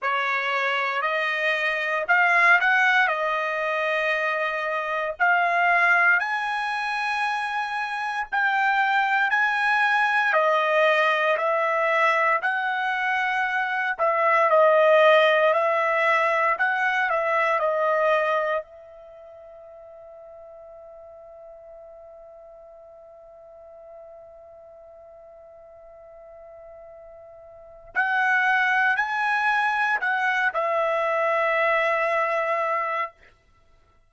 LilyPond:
\new Staff \with { instrumentName = "trumpet" } { \time 4/4 \tempo 4 = 58 cis''4 dis''4 f''8 fis''8 dis''4~ | dis''4 f''4 gis''2 | g''4 gis''4 dis''4 e''4 | fis''4. e''8 dis''4 e''4 |
fis''8 e''8 dis''4 e''2~ | e''1~ | e''2. fis''4 | gis''4 fis''8 e''2~ e''8 | }